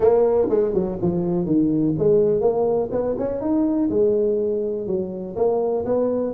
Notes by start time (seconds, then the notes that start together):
0.00 A#3
0.49 G#3
0.74 F#3
1.01 F3
1.45 D#3
1.98 G#3
2.40 A#3
2.91 B3
3.18 C#4
3.40 D#4
3.90 G#3
4.86 F#3
5.36 A#3
5.85 B3